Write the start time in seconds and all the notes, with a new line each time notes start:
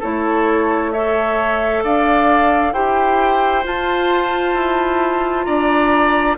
0.00 A3 E4 A4 C#5
0.92 A4 C#5 E5
1.84 D4 D5 F5
2.73 E4 G4 C5 G5
3.64 F4 A5
4.55 E4
5.45 D4 D5 A#5